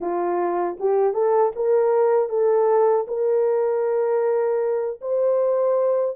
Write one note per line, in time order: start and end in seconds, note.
0.00 0.77 F4
0.79 1.13 G4
1.13 1.52 A4
1.55 2.29 A#4
2.29 3.06 A4
3.07 5.00 A#4
5.01 6.16 C5